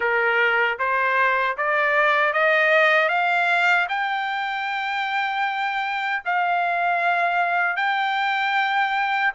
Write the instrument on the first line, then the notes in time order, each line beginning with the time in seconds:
trumpet
0.00 A#4
0.78 C5
1.57 D5
2.33 D#5
3.08 F5
3.89 G5
6.25 F5
7.76 G5